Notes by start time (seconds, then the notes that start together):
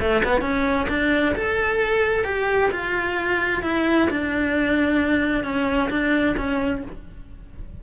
0.00 A3
0.24 B3
0.41 C#4
0.89 D4
1.35 A4
2.25 G4
2.71 F4
3.63 E4
4.10 D4
5.44 C#4
5.90 D4
6.37 C#4